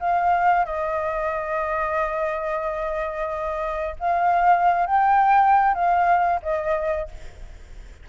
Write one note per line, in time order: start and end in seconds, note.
0.00 0.65 F5
0.65 3.96 D#5
4.00 4.86 F5
4.86 5.74 G5
5.74 6.41 F5
6.43 7.09 D#5